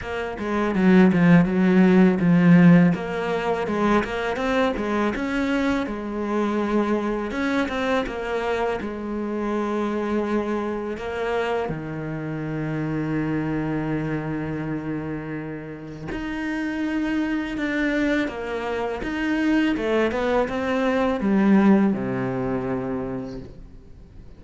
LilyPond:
\new Staff \with { instrumentName = "cello" } { \time 4/4 \tempo 4 = 82 ais8 gis8 fis8 f8 fis4 f4 | ais4 gis8 ais8 c'8 gis8 cis'4 | gis2 cis'8 c'8 ais4 | gis2. ais4 |
dis1~ | dis2 dis'2 | d'4 ais4 dis'4 a8 b8 | c'4 g4 c2 | }